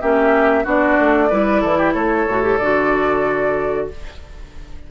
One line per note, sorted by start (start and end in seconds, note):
0.00 0.65 A#3
0.00 0.64 C#4
0.00 0.63 G4
0.00 0.65 E5
0.63 0.97 B3
0.63 1.29 D4
0.63 1.28 F#4
0.63 1.93 D5
0.99 1.31 A3
1.29 1.62 G3
1.29 2.26 E4
1.29 1.61 B4
1.61 1.94 E3
1.61 1.77 A4
1.78 1.93 G4
1.93 2.26 A3
1.93 3.87 A4
1.93 2.57 C#5
2.27 2.59 A2
2.27 2.42 F#4
2.42 2.58 G4
2.57 3.88 D3
2.57 3.90 F#4
2.57 3.86 D5